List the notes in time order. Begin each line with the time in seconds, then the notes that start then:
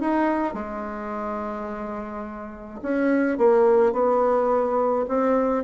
0.00 D#4
0.54 G#3
2.82 C#4
3.38 A#3
3.92 B3
5.08 C4